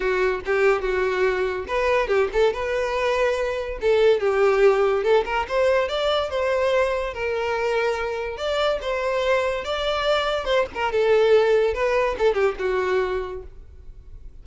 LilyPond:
\new Staff \with { instrumentName = "violin" } { \time 4/4 \tempo 4 = 143 fis'4 g'4 fis'2 | b'4 g'8 a'8 b'2~ | b'4 a'4 g'2 | a'8 ais'8 c''4 d''4 c''4~ |
c''4 ais'2. | d''4 c''2 d''4~ | d''4 c''8 ais'8 a'2 | b'4 a'8 g'8 fis'2 | }